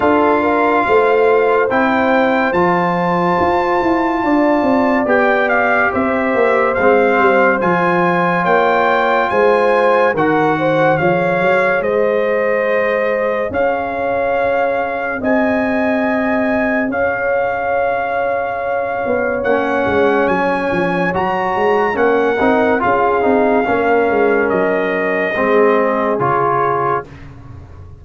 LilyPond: <<
  \new Staff \with { instrumentName = "trumpet" } { \time 4/4 \tempo 4 = 71 f''2 g''4 a''4~ | a''2 g''8 f''8 e''4 | f''4 gis''4 g''4 gis''4 | fis''4 f''4 dis''2 |
f''2 gis''2 | f''2. fis''4 | gis''4 ais''4 fis''4 f''4~ | f''4 dis''2 cis''4 | }
  \new Staff \with { instrumentName = "horn" } { \time 4/4 a'8 ais'8 c''2.~ | c''4 d''2 c''4~ | c''2 cis''4 c''4 | ais'8 c''8 cis''4 c''2 |
cis''2 dis''2 | cis''1~ | cis''2 ais'4 gis'4 | ais'2 gis'2 | }
  \new Staff \with { instrumentName = "trombone" } { \time 4/4 f'2 e'4 f'4~ | f'2 g'2 | c'4 f'2. | fis'4 gis'2.~ |
gis'1~ | gis'2. cis'4~ | cis'4 fis'4 cis'8 dis'8 f'8 dis'8 | cis'2 c'4 f'4 | }
  \new Staff \with { instrumentName = "tuba" } { \time 4/4 d'4 a4 c'4 f4 | f'8 e'8 d'8 c'8 b4 c'8 ais8 | gis8 g8 f4 ais4 gis4 | dis4 f8 fis8 gis2 |
cis'2 c'2 | cis'2~ cis'8 b8 ais8 gis8 | fis8 f8 fis8 gis8 ais8 c'8 cis'8 c'8 | ais8 gis8 fis4 gis4 cis4 | }
>>